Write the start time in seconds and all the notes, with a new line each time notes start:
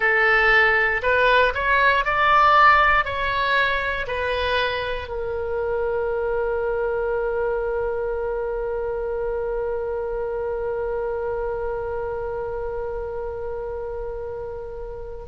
0.00 A4
1.02 B4
1.54 C#5
2.04 D5
3.05 C#5
4.07 B4
5.08 A#4